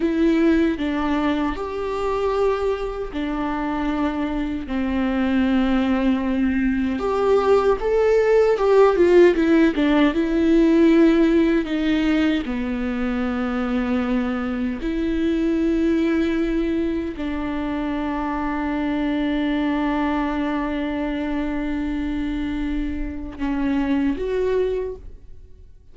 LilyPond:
\new Staff \with { instrumentName = "viola" } { \time 4/4 \tempo 4 = 77 e'4 d'4 g'2 | d'2 c'2~ | c'4 g'4 a'4 g'8 f'8 | e'8 d'8 e'2 dis'4 |
b2. e'4~ | e'2 d'2~ | d'1~ | d'2 cis'4 fis'4 | }